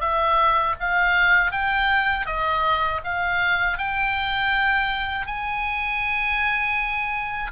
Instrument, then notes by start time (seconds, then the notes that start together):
oboe
0.00 E5
0.80 F5
1.52 G5
2.26 D#5
3.04 F5
3.78 G5
5.26 G#5